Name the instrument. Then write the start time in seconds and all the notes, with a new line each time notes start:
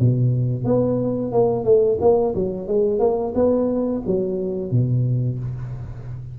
tuba
0.00 B2
0.65 B3
1.32 A#3
1.65 A3
2.01 A#3
2.35 F#3
2.68 G#3
3.00 A#3
3.35 B3
4.07 F#3
4.72 B2